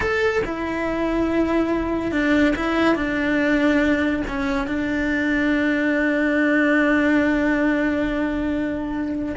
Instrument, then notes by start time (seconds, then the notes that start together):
cello
0.00 A4
0.44 E4
2.11 D4
2.55 E4
2.95 D4
4.27 C#4
4.67 D4